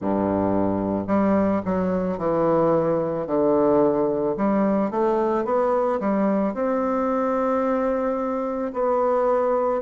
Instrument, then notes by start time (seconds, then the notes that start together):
bassoon
0.01 G2
1.07 G3
1.65 F#3
2.18 E3
3.27 D3
4.36 G3
4.90 A3
5.44 B3
6.00 G3
6.54 C4
8.73 B3